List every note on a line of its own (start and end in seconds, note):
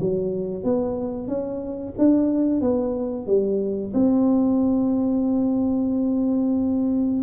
0.00 0.64 F#3
0.64 1.27 B3
1.27 1.93 C#4
1.98 2.60 D4
2.60 3.26 B3
3.26 3.92 G3
3.93 7.23 C4